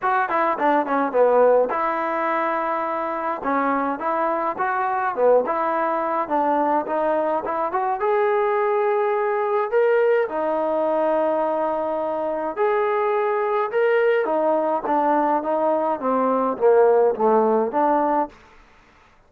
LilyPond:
\new Staff \with { instrumentName = "trombone" } { \time 4/4 \tempo 4 = 105 fis'8 e'8 d'8 cis'8 b4 e'4~ | e'2 cis'4 e'4 | fis'4 b8 e'4. d'4 | dis'4 e'8 fis'8 gis'2~ |
gis'4 ais'4 dis'2~ | dis'2 gis'2 | ais'4 dis'4 d'4 dis'4 | c'4 ais4 a4 d'4 | }